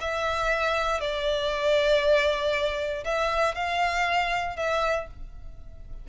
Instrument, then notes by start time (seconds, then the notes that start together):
violin
0.00 E5
1.00 D5
3.04 E5
3.54 F5
4.56 E5